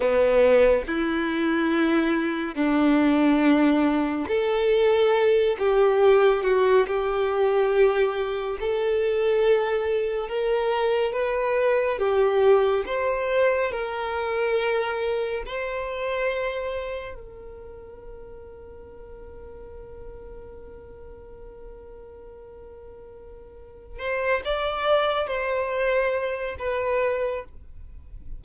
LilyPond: \new Staff \with { instrumentName = "violin" } { \time 4/4 \tempo 4 = 70 b4 e'2 d'4~ | d'4 a'4. g'4 fis'8 | g'2 a'2 | ais'4 b'4 g'4 c''4 |
ais'2 c''2 | ais'1~ | ais'1 | c''8 d''4 c''4. b'4 | }